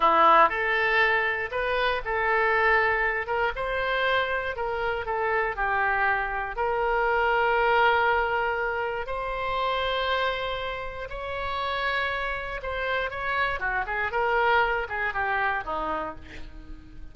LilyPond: \new Staff \with { instrumentName = "oboe" } { \time 4/4 \tempo 4 = 119 e'4 a'2 b'4 | a'2~ a'8 ais'8 c''4~ | c''4 ais'4 a'4 g'4~ | g'4 ais'2.~ |
ais'2 c''2~ | c''2 cis''2~ | cis''4 c''4 cis''4 fis'8 gis'8 | ais'4. gis'8 g'4 dis'4 | }